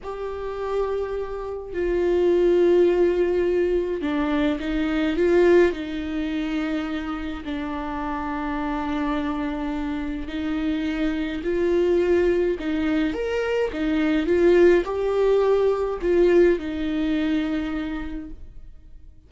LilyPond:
\new Staff \with { instrumentName = "viola" } { \time 4/4 \tempo 4 = 105 g'2. f'4~ | f'2. d'4 | dis'4 f'4 dis'2~ | dis'4 d'2.~ |
d'2 dis'2 | f'2 dis'4 ais'4 | dis'4 f'4 g'2 | f'4 dis'2. | }